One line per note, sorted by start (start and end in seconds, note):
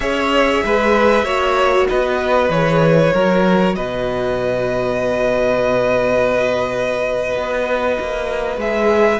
0.00 0.62 C#4
0.00 1.23 G#4
0.00 0.63 C#5
0.00 1.86 E5
0.64 1.23 G#3
0.64 1.24 B4
1.23 1.85 A#3
1.23 2.48 F#4
1.23 1.87 C#5
1.89 2.49 B3
1.89 3.13 B4
1.89 2.51 D#5
2.49 3.11 E3
2.49 3.13 G#4
2.49 3.75 C#5
3.13 3.76 F#3
3.13 8.60 F#4
3.13 3.75 A#4
3.75 7.35 B2
3.75 9.20 B4
3.75 8.59 D#5
7.35 7.98 B3
7.99 8.56 A#3
8.56 9.19 G#3
8.56 9.20 G#4
8.56 9.20 E5